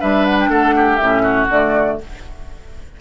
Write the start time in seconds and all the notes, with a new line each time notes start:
0.00 G3 D4 B4 E5
0.25 F#5
0.39 G5
0.48 A3 A4 F#5
0.76 G4
0.96 A2 C#4 E5
1.22 F#4
1.49 D3 A3 D5